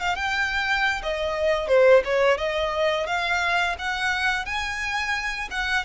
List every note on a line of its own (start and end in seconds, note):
0.00 0.16 F5
0.16 1.02 G5
1.03 1.68 D#5
1.68 2.03 C5
2.05 2.38 C#5
2.38 3.07 D#5
3.07 3.76 F5
3.79 4.46 F#5
4.46 5.49 G#5
5.51 5.85 F#5